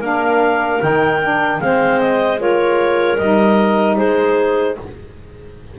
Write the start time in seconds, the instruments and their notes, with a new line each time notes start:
0.00 double bass A#3, saxophone D4, clarinet A#4 F5
0.80 double bass D#3, saxophone D#4, clarinet G5
1.22 saxophone D4
1.60 double bass G#3, saxophone C4, clarinet C5 F5
2.00 clarinet D#5
2.38 saxophone F4, clarinet A#4 C#5
3.18 double bass G3, saxophone D#4, clarinet D#5
3.97 double bass G#3, clarinet G#4 C5